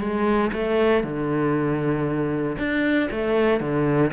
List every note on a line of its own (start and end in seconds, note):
0.00 0.51 G#3
0.53 1.04 A3
1.04 2.58 D3
2.59 3.10 D4
3.11 3.60 A3
3.60 4.12 D3